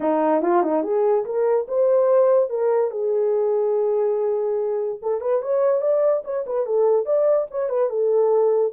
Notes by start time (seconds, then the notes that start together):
0.00 D#4
0.42 F4
0.62 D#4
0.83 G#4
1.25 A#4
1.68 C5
2.49 A#4
2.90 G#4
5.02 A4
5.21 B4
5.42 C#5
5.81 D5
6.24 C#5
6.46 B4
6.66 A4
7.05 D5
7.50 C#5
7.69 B4
7.89 A4